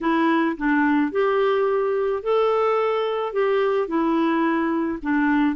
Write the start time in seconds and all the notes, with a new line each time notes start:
0.01 E4
0.57 D4
1.11 G4
2.22 A4
3.32 G4
3.87 E4
5.02 D4